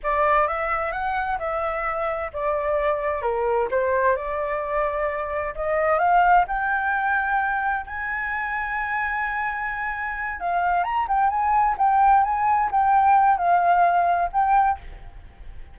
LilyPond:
\new Staff \with { instrumentName = "flute" } { \time 4/4 \tempo 4 = 130 d''4 e''4 fis''4 e''4~ | e''4 d''2 ais'4 | c''4 d''2. | dis''4 f''4 g''2~ |
g''4 gis''2.~ | gis''2~ gis''8 f''4 ais''8 | g''8 gis''4 g''4 gis''4 g''8~ | g''4 f''2 g''4 | }